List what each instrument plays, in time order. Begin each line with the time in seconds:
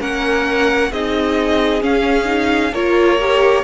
0.00 cello A#3, viola C#4, violin A#4 F#5
0.92 cello C4, viola D#4, violin G#4 D#5
1.81 viola C#4, cello C#4, violin F5
2.25 viola D#4
2.72 cello A#3, viola F4, violin A#4 C#5
3.20 viola G4